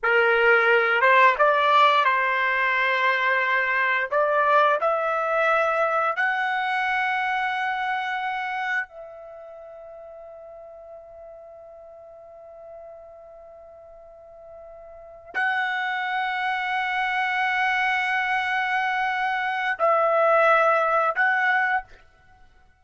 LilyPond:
\new Staff \with { instrumentName = "trumpet" } { \time 4/4 \tempo 4 = 88 ais'4. c''8 d''4 c''4~ | c''2 d''4 e''4~ | e''4 fis''2.~ | fis''4 e''2.~ |
e''1~ | e''2~ e''8 fis''4.~ | fis''1~ | fis''4 e''2 fis''4 | }